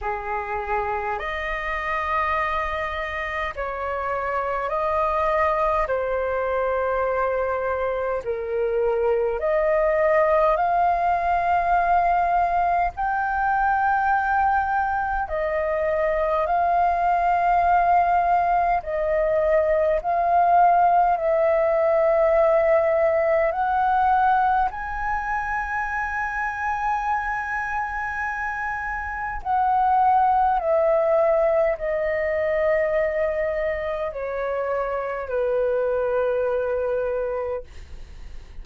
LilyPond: \new Staff \with { instrumentName = "flute" } { \time 4/4 \tempo 4 = 51 gis'4 dis''2 cis''4 | dis''4 c''2 ais'4 | dis''4 f''2 g''4~ | g''4 dis''4 f''2 |
dis''4 f''4 e''2 | fis''4 gis''2.~ | gis''4 fis''4 e''4 dis''4~ | dis''4 cis''4 b'2 | }